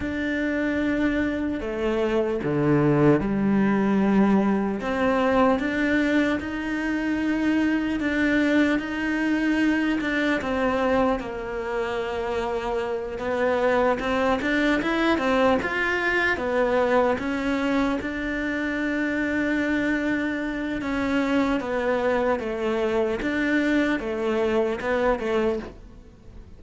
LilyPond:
\new Staff \with { instrumentName = "cello" } { \time 4/4 \tempo 4 = 75 d'2 a4 d4 | g2 c'4 d'4 | dis'2 d'4 dis'4~ | dis'8 d'8 c'4 ais2~ |
ais8 b4 c'8 d'8 e'8 c'8 f'8~ | f'8 b4 cis'4 d'4.~ | d'2 cis'4 b4 | a4 d'4 a4 b8 a8 | }